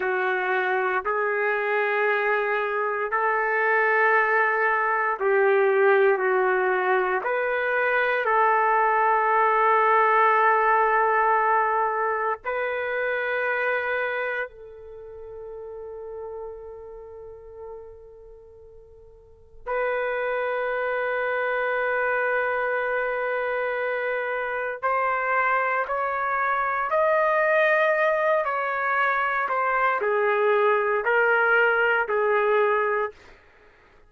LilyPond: \new Staff \with { instrumentName = "trumpet" } { \time 4/4 \tempo 4 = 58 fis'4 gis'2 a'4~ | a'4 g'4 fis'4 b'4 | a'1 | b'2 a'2~ |
a'2. b'4~ | b'1 | c''4 cis''4 dis''4. cis''8~ | cis''8 c''8 gis'4 ais'4 gis'4 | }